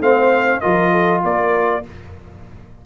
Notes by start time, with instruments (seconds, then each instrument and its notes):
0.00 tuba A3, trombone C4, horn C5, trumpet F5
0.60 tuba F3, trombone F4, horn A#4, trumpet D#5
0.92 horn A4
1.24 tuba A#3, horn A#4, trumpet D5